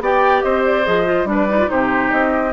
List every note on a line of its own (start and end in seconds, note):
0.00 0.42 B3
0.00 0.84 G4
0.00 0.44 D5
0.00 0.42 G5
0.42 0.86 C4
0.42 1.28 C5
0.42 0.62 D#5
0.65 0.86 D5
0.84 1.24 F3
0.84 1.05 G#4
0.84 1.28 D#5
1.05 1.26 F4
1.24 1.66 G3
1.24 1.47 D4
1.30 1.70 B4
1.30 1.70 D5
1.48 1.58 D#4
1.58 1.66 F4
1.66 2.12 C3
1.66 2.50 D#4
1.66 2.52 G4
1.66 2.10 C5
2.10 2.52 C4
2.10 2.52 D#5